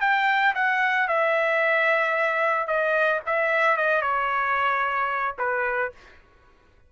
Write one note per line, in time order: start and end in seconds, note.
0.00 0.54 G5
0.54 1.08 F#5
1.08 2.67 E5
2.67 3.20 D#5
3.26 3.76 E5
3.76 4.01 D#5
4.01 5.35 C#5
5.38 5.91 B4